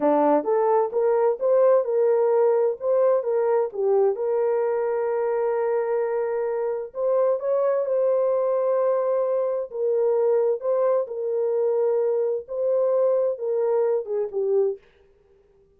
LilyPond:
\new Staff \with { instrumentName = "horn" } { \time 4/4 \tempo 4 = 130 d'4 a'4 ais'4 c''4 | ais'2 c''4 ais'4 | g'4 ais'2.~ | ais'2. c''4 |
cis''4 c''2.~ | c''4 ais'2 c''4 | ais'2. c''4~ | c''4 ais'4. gis'8 g'4 | }